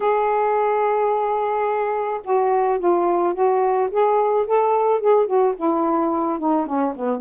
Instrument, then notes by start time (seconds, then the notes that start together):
saxophone
0.00 G#4
2.24 F#4
2.79 F4
3.34 F#4
3.90 G#4
4.46 A4
5.00 G#4
5.26 F#4
5.56 E4
6.38 D#4
6.66 C#4
6.95 B3